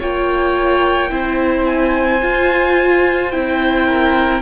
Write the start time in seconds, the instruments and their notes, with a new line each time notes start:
0.00 cello A#3, viola F4, violin C#5 G5
1.10 cello C4, viola E4, violin C5
1.66 violin G#5
2.22 viola F4, cello F4
3.31 cello C4, viola E4, violin G5
3.86 violin A#4